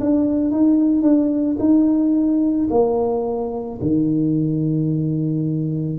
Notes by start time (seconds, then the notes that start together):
0.00 D4
0.51 D#4
1.02 D4
1.59 D#4
2.70 A#3
3.81 D#3